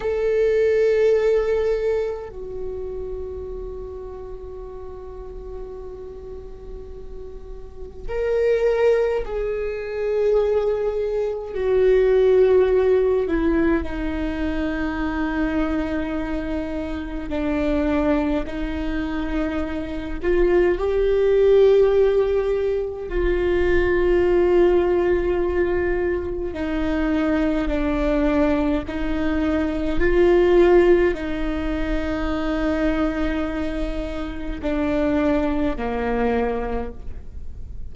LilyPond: \new Staff \with { instrumentName = "viola" } { \time 4/4 \tempo 4 = 52 a'2 fis'2~ | fis'2. ais'4 | gis'2 fis'4. e'8 | dis'2. d'4 |
dis'4. f'8 g'2 | f'2. dis'4 | d'4 dis'4 f'4 dis'4~ | dis'2 d'4 ais4 | }